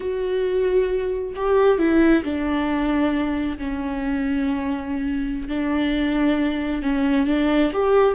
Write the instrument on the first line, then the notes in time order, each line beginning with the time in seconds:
viola
0.00 F#4
1.35 G4
1.78 E4
2.23 D4
3.58 C#4
5.48 D4
6.82 C#4
7.27 D4
7.72 G4